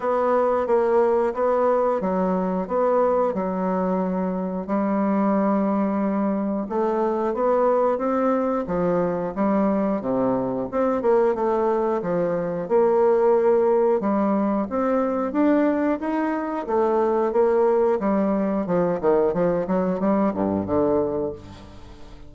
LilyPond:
\new Staff \with { instrumentName = "bassoon" } { \time 4/4 \tempo 4 = 90 b4 ais4 b4 fis4 | b4 fis2 g4~ | g2 a4 b4 | c'4 f4 g4 c4 |
c'8 ais8 a4 f4 ais4~ | ais4 g4 c'4 d'4 | dis'4 a4 ais4 g4 | f8 dis8 f8 fis8 g8 g,8 d4 | }